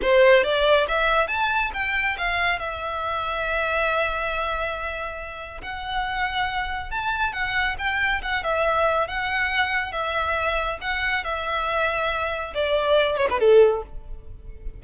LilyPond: \new Staff \with { instrumentName = "violin" } { \time 4/4 \tempo 4 = 139 c''4 d''4 e''4 a''4 | g''4 f''4 e''2~ | e''1~ | e''4 fis''2. |
a''4 fis''4 g''4 fis''8 e''8~ | e''4 fis''2 e''4~ | e''4 fis''4 e''2~ | e''4 d''4. cis''16 b'16 a'4 | }